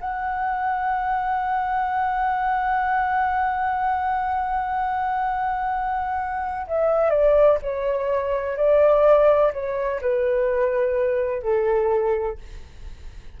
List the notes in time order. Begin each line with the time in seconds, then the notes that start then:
0.00 F#5
6.67 E5
7.10 D5
7.61 C#5
8.57 D5
9.52 C#5
10.01 B4
11.42 A4